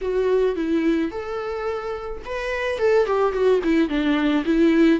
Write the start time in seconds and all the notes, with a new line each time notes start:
0.01 F#4
0.55 E4
1.11 A4
2.25 B4
2.78 A4
3.06 G4
3.32 F#4
3.63 E4
3.88 D4
4.45 E4